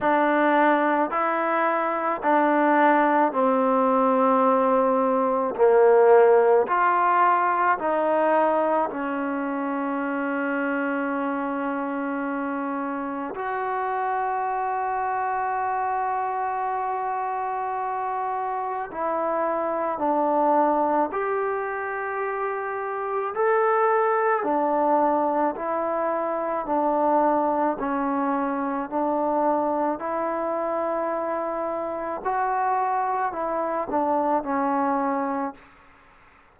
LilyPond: \new Staff \with { instrumentName = "trombone" } { \time 4/4 \tempo 4 = 54 d'4 e'4 d'4 c'4~ | c'4 ais4 f'4 dis'4 | cis'1 | fis'1~ |
fis'4 e'4 d'4 g'4~ | g'4 a'4 d'4 e'4 | d'4 cis'4 d'4 e'4~ | e'4 fis'4 e'8 d'8 cis'4 | }